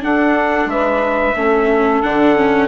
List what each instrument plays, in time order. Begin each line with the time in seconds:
0.00 viola D4, bassoon D4, saxophone A4, trumpet F#5
0.66 bassoon G#3, saxophone B4, trumpet E5
1.36 bassoon A3, viola C#4, saxophone A4
2.03 bassoon D3, viola D4, trumpet F#5
2.36 viola C#4